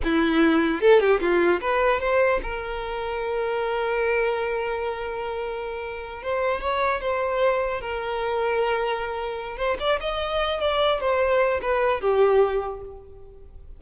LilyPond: \new Staff \with { instrumentName = "violin" } { \time 4/4 \tempo 4 = 150 e'2 a'8 g'8 f'4 | b'4 c''4 ais'2~ | ais'1~ | ais'2.~ ais'8 c''8~ |
c''8 cis''4 c''2 ais'8~ | ais'1 | c''8 d''8 dis''4. d''4 c''8~ | c''4 b'4 g'2 | }